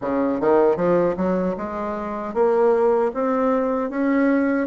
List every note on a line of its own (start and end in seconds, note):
0.01 0.40 C#3
0.40 0.76 D#3
0.76 1.15 F3
1.17 1.55 F#3
1.57 2.33 G#3
2.33 3.11 A#3
3.14 3.90 C4
3.90 4.67 C#4